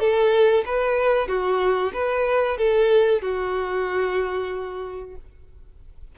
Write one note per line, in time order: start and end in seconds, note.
0.00 0.65 A4
0.66 1.28 B4
1.28 1.92 F#4
1.94 2.58 B4
2.58 3.22 A4
3.22 5.16 F#4